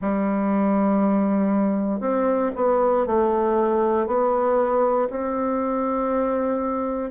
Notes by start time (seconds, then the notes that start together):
0.01 G3
2.00 C4
2.55 B3
3.06 A3
4.06 B3
5.09 C4